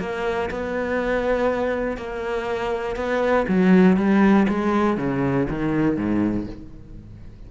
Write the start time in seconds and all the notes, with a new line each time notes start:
0.00 A#3
0.51 B3
1.98 A#3
2.97 B3
3.48 F#3
3.97 G3
4.49 G#3
4.98 C#3
5.50 D#3
5.97 G#2